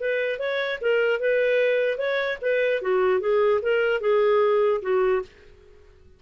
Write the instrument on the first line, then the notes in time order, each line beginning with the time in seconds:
clarinet
0.00 B4
0.39 C#5
0.81 A#4
1.20 B4
1.97 C#5
2.41 B4
2.81 F#4
3.20 G#4
3.61 A#4
4.00 G#4
4.82 F#4